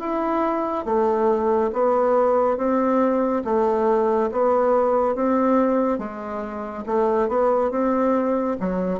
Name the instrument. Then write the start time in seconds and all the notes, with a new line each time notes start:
bassoon
0.00 E4
0.85 A3
1.73 B3
2.57 C4
3.44 A3
4.32 B3
5.15 C4
5.98 G#3
6.86 A3
7.29 B3
7.71 C4
8.60 F#3